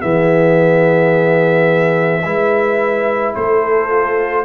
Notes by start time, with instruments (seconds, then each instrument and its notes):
0.00 tuba E3, trombone B3, horn G#4, trumpet E5
2.24 tuba G#3, trombone E4, horn B4
3.35 tuba A3, horn A4, trumpet C5
3.89 trombone F4